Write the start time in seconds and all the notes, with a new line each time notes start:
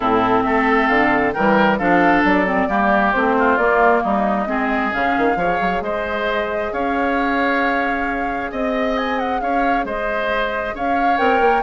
0.00 A2 C4 E4 A4
0.42 A3 A4 E5
0.87 D3 F5
1.32 E3 G3 A#4 G5
1.78 F3 D4 A4 F5
2.24 F#3 D5
2.46 C4
2.68 G3 A#3 G4
3.12 A3 C4 C5
3.38 F4
3.57 A#3 D5
4.03 G3 D#4 D#5
4.46 G#3 C4 G#4
4.92 C#3 C#4 F5
5.17 D#3
5.35 F3 G#4 C#5
5.60 F#3
5.81 G#3 C5 D#5
6.72 C#4 C#5 F5
8.51 C4 D#5
8.97 G#5
9.18 F#5
9.40 C#4 C#5 F5
9.84 G#3 C5 D#5
10.74 C#4 C#5 F5
11.17 C4 A#4 G5
11.40 A#3